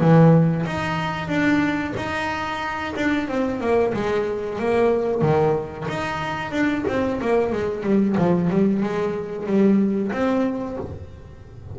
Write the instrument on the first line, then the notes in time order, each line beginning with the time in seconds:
double bass
0.00 E3
0.66 D#4
1.28 D4
1.96 D#4
2.96 D4
3.28 C4
3.60 A#3
3.93 G#3
4.59 A#3
5.21 D#3
5.88 D#4
6.51 D4
6.87 C4
7.21 A#3
7.52 G#3
7.83 G3
8.17 F3
8.50 G3
8.82 G#3
9.46 G3
10.12 C4